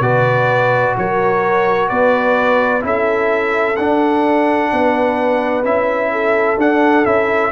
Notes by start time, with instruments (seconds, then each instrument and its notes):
0.00 tuba B2, trombone F#4, horn B4, trumpet D5
0.97 tuba F#3, horn A#4, trumpet C#5
1.88 tuba B3, horn B4, trumpet D5
2.81 tuba C#4, trombone E4, horn A4, trumpet E5
3.76 tuba D4, trombone D4, trumpet F#5
4.72 tuba B3, horn B4
5.63 tuba C#4, trombone E4, trumpet E5
6.11 horn A4
6.57 tuba D4, trombone D4, trumpet F#5
7.05 tuba C#4, trombone E4, trumpet E5